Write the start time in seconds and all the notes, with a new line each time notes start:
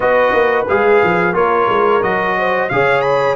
0.00 B3 F#4 B4 D#5
0.32 A#3
0.68 G#3 G#4 F5
1.03 F3
1.33 A#3 F4 A#4 C#5
1.68 G#3
2.02 F#3 F#4 D#5
2.38 C5
2.69 C#3 G#4 C#5 F5
3.01 B5